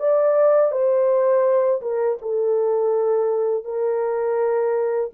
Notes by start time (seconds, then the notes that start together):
0.00 D5
0.72 C5
1.82 A#4
2.22 A4
3.65 A#4